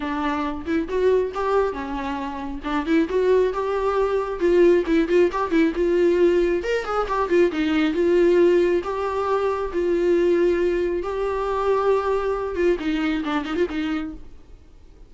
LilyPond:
\new Staff \with { instrumentName = "viola" } { \time 4/4 \tempo 4 = 136 d'4. e'8 fis'4 g'4 | cis'2 d'8 e'8 fis'4 | g'2 f'4 e'8 f'8 | g'8 e'8 f'2 ais'8 gis'8 |
g'8 f'8 dis'4 f'2 | g'2 f'2~ | f'4 g'2.~ | g'8 f'8 dis'4 d'8 dis'16 f'16 dis'4 | }